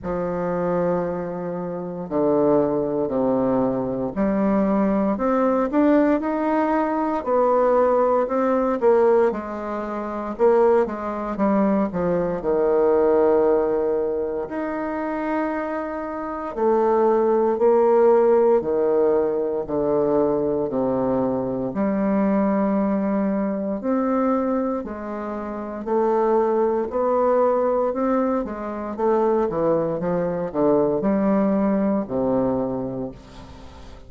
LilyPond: \new Staff \with { instrumentName = "bassoon" } { \time 4/4 \tempo 4 = 58 f2 d4 c4 | g4 c'8 d'8 dis'4 b4 | c'8 ais8 gis4 ais8 gis8 g8 f8 | dis2 dis'2 |
a4 ais4 dis4 d4 | c4 g2 c'4 | gis4 a4 b4 c'8 gis8 | a8 e8 f8 d8 g4 c4 | }